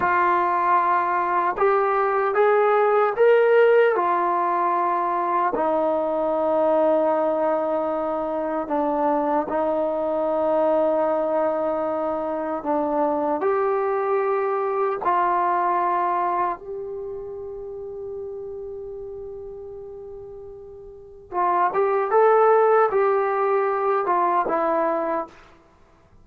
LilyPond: \new Staff \with { instrumentName = "trombone" } { \time 4/4 \tempo 4 = 76 f'2 g'4 gis'4 | ais'4 f'2 dis'4~ | dis'2. d'4 | dis'1 |
d'4 g'2 f'4~ | f'4 g'2.~ | g'2. f'8 g'8 | a'4 g'4. f'8 e'4 | }